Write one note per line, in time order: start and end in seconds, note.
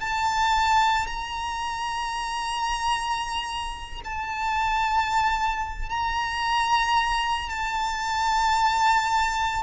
0.00 1.06 A5
1.06 4.01 A#5
4.04 5.89 A5
5.89 7.49 A#5
7.49 9.62 A5